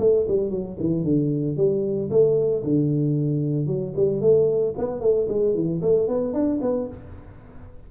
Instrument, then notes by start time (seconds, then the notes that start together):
tuba
0.00 A3
0.28 G3
0.51 F#3
0.80 E3
1.04 D3
1.57 G3
2.11 A3
2.64 D3
3.67 F#3
3.97 G3
4.21 A3
4.78 B3
5.01 A3
5.29 G#3
5.55 E3
5.83 A3
6.08 B3
6.34 D4
6.62 B3